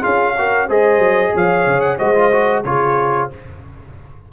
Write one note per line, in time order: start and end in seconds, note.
0.00 0.69 C#4
0.00 0.34 F4
0.00 0.33 G#4
0.00 0.68 F5
0.38 0.69 F#4
0.38 0.67 A#4
0.67 0.98 G#3
0.67 1.98 G#4
0.67 1.32 C5
0.67 1.36 D#5
0.98 1.31 F#3
1.33 1.66 F3
1.33 1.98 C#5
1.33 1.81 F5
1.66 1.98 C#3
1.81 1.97 F#5
1.98 2.64 G#3
1.98 2.14 F#4
1.98 2.63 C5
1.98 2.64 D#5
2.15 2.31 F4
2.32 2.64 F#4
2.64 3.29 C#3
2.64 3.30 F4
2.64 3.32 G#4
2.64 3.29 C#5